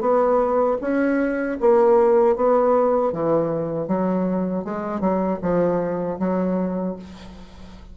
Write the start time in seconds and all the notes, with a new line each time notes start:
0.00 B3
0.81 C#4
1.60 A#3
2.36 B3
3.12 E3
3.88 F#3
4.64 G#3
5.00 F#3
5.42 F3
6.19 F#3